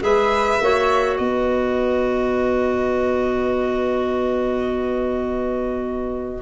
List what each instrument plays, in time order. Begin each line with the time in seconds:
0.00 tuba G#3, clarinet G#4, flute B4, violin E5
0.60 tuba A#3, clarinet F#4, flute C#5
1.17 tuba B3, flute B4, violin D#5